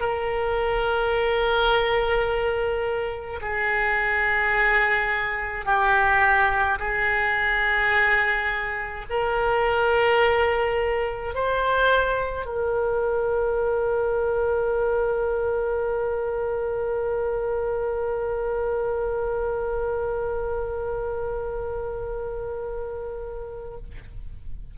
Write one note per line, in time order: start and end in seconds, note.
0.00 3.40 A#4
3.41 5.66 G#4
5.66 6.79 G4
6.79 9.05 G#4
9.09 11.34 A#4
11.34 12.45 C5
12.45 23.77 A#4